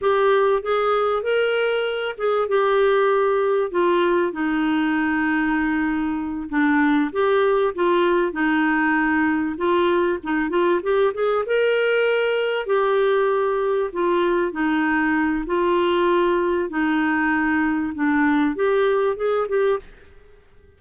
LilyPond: \new Staff \with { instrumentName = "clarinet" } { \time 4/4 \tempo 4 = 97 g'4 gis'4 ais'4. gis'8 | g'2 f'4 dis'4~ | dis'2~ dis'8 d'4 g'8~ | g'8 f'4 dis'2 f'8~ |
f'8 dis'8 f'8 g'8 gis'8 ais'4.~ | ais'8 g'2 f'4 dis'8~ | dis'4 f'2 dis'4~ | dis'4 d'4 g'4 gis'8 g'8 | }